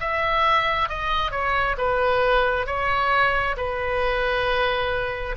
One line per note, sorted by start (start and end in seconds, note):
0.00 0.88 E5
0.88 1.31 D#5
1.31 1.75 C#5
1.77 2.66 B4
2.66 3.56 C#5
3.57 5.36 B4